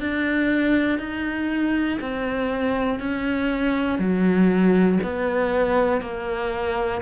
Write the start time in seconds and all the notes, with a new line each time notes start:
0.00 D4
0.98 D#4
2.00 C4
3.00 C#4
3.98 F#3
5.03 B3
6.00 A#3